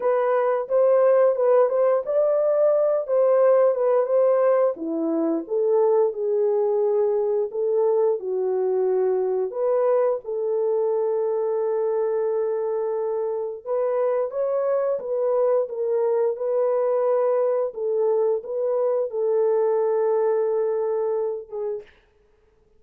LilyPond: \new Staff \with { instrumentName = "horn" } { \time 4/4 \tempo 4 = 88 b'4 c''4 b'8 c''8 d''4~ | d''8 c''4 b'8 c''4 e'4 | a'4 gis'2 a'4 | fis'2 b'4 a'4~ |
a'1 | b'4 cis''4 b'4 ais'4 | b'2 a'4 b'4 | a'2.~ a'8 gis'8 | }